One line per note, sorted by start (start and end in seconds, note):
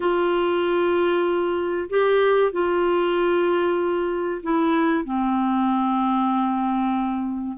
0.00 1.89 F4
1.89 2.51 G4
2.51 4.41 F4
4.42 5.04 E4
5.04 7.57 C4